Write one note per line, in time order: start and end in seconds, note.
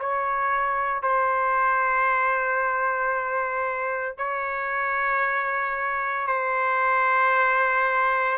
0.00 1.03 C#5
1.03 4.18 C5
4.18 6.27 C#5
6.27 8.38 C5